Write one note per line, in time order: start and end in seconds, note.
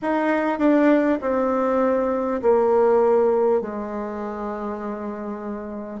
0.02 0.58 D#4
0.58 1.18 D4
1.21 2.41 C4
2.42 3.61 A#3
3.61 6.00 G#3